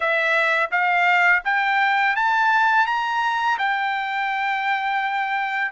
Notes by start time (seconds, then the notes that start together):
0.00 E5
0.71 F5
1.44 G5
2.16 A5
2.86 A#5
3.58 G5